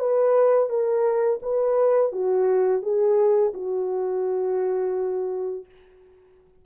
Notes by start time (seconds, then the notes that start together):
0.00 B4
0.70 A#4
1.42 B4
2.12 F#4
2.83 G#4
3.54 F#4